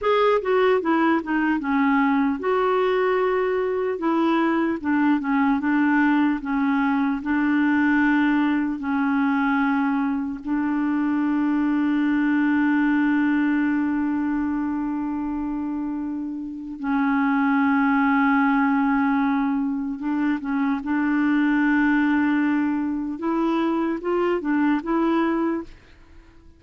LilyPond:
\new Staff \with { instrumentName = "clarinet" } { \time 4/4 \tempo 4 = 75 gis'8 fis'8 e'8 dis'8 cis'4 fis'4~ | fis'4 e'4 d'8 cis'8 d'4 | cis'4 d'2 cis'4~ | cis'4 d'2.~ |
d'1~ | d'4 cis'2.~ | cis'4 d'8 cis'8 d'2~ | d'4 e'4 f'8 d'8 e'4 | }